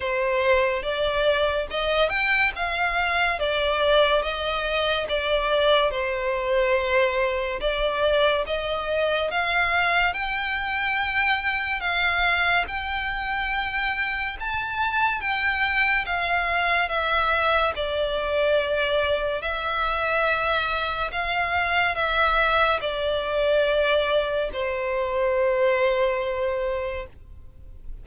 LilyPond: \new Staff \with { instrumentName = "violin" } { \time 4/4 \tempo 4 = 71 c''4 d''4 dis''8 g''8 f''4 | d''4 dis''4 d''4 c''4~ | c''4 d''4 dis''4 f''4 | g''2 f''4 g''4~ |
g''4 a''4 g''4 f''4 | e''4 d''2 e''4~ | e''4 f''4 e''4 d''4~ | d''4 c''2. | }